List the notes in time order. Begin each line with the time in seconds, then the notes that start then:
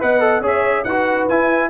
0.00 B3 B4 D#5 F#5
0.20 A4
0.41 C#4 G#4 C#5
0.47 E5
0.84 D#4 F#4 B4 F#5
1.28 E4 G#5